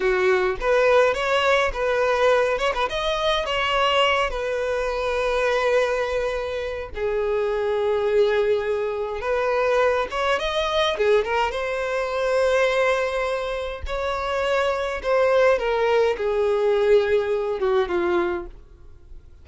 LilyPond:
\new Staff \with { instrumentName = "violin" } { \time 4/4 \tempo 4 = 104 fis'4 b'4 cis''4 b'4~ | b'8 cis''16 b'16 dis''4 cis''4. b'8~ | b'1 | gis'1 |
b'4. cis''8 dis''4 gis'8 ais'8 | c''1 | cis''2 c''4 ais'4 | gis'2~ gis'8 fis'8 f'4 | }